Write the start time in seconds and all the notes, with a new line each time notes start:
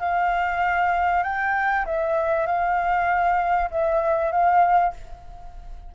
0.00 F5
1.24 G5
1.86 E5
2.47 F5
3.71 E5
4.32 F5